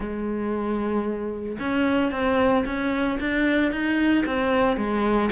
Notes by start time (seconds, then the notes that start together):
0.00 G#3
1.59 C#4
2.11 C4
2.65 C#4
3.20 D4
3.71 D#4
4.26 C4
4.76 G#3